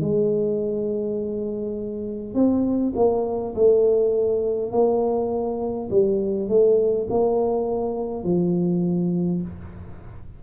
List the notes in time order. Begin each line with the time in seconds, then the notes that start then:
0.00 G#3
2.34 C4
2.95 A#3
3.55 A3
4.71 A#3
5.90 G3
6.48 A3
7.10 A#3
8.24 F3